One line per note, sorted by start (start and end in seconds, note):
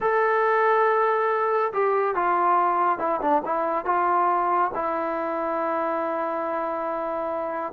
0.00 1.72 A4
1.72 2.15 G4
2.15 2.99 F4
2.99 3.20 E4
3.21 3.42 D4
3.45 3.85 E4
3.85 4.71 F4
4.74 7.72 E4